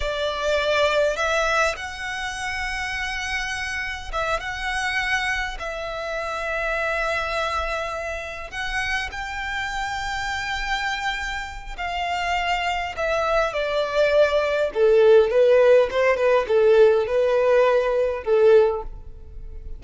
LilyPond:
\new Staff \with { instrumentName = "violin" } { \time 4/4 \tempo 4 = 102 d''2 e''4 fis''4~ | fis''2. e''8 fis''8~ | fis''4. e''2~ e''8~ | e''2~ e''8 fis''4 g''8~ |
g''1 | f''2 e''4 d''4~ | d''4 a'4 b'4 c''8 b'8 | a'4 b'2 a'4 | }